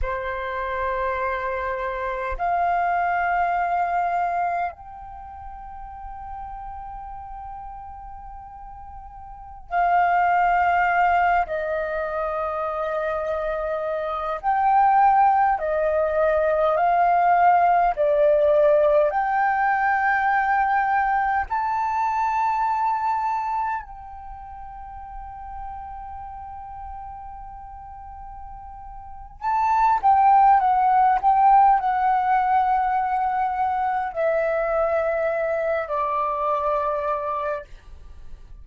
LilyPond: \new Staff \with { instrumentName = "flute" } { \time 4/4 \tempo 4 = 51 c''2 f''2 | g''1~ | g''16 f''4. dis''2~ dis''16~ | dis''16 g''4 dis''4 f''4 d''8.~ |
d''16 g''2 a''4.~ a''16~ | a''16 g''2.~ g''8.~ | g''4 a''8 g''8 fis''8 g''8 fis''4~ | fis''4 e''4. d''4. | }